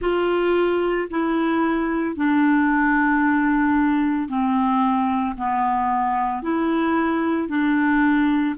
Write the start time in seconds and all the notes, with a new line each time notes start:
0.01 F4
1.10 E4
2.16 D4
4.28 C4
5.37 B3
6.42 E4
7.48 D4